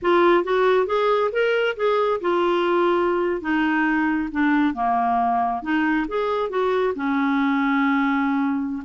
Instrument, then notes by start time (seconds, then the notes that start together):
clarinet
0.01 F4
0.44 F#4
0.86 G#4
1.32 A#4
1.76 G#4
2.20 F4
3.41 D#4
4.31 D4
4.74 A#3
5.62 D#4
6.07 G#4
6.49 F#4
6.95 C#4